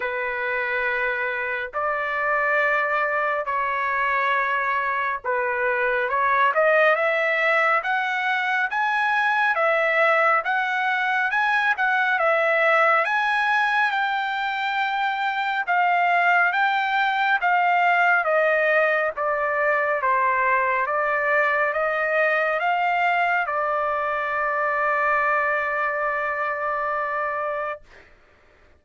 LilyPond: \new Staff \with { instrumentName = "trumpet" } { \time 4/4 \tempo 4 = 69 b'2 d''2 | cis''2 b'4 cis''8 dis''8 | e''4 fis''4 gis''4 e''4 | fis''4 gis''8 fis''8 e''4 gis''4 |
g''2 f''4 g''4 | f''4 dis''4 d''4 c''4 | d''4 dis''4 f''4 d''4~ | d''1 | }